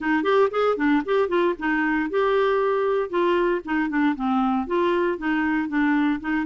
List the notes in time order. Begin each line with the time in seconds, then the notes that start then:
0.00 D#4
0.23 G4
0.51 G#4
0.76 D4
1.05 G4
1.28 F4
1.58 D#4
2.09 G4
3.09 F4
3.64 D#4
3.89 D4
4.15 C4
4.66 F4
5.18 D#4
5.68 D4
6.20 D#4